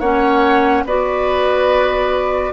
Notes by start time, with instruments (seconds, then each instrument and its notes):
0.00 bassoon A#3, clarinet C#4, oboe C#5, flute F#5
0.85 bassoon B3, clarinet F#4, oboe B4, flute D5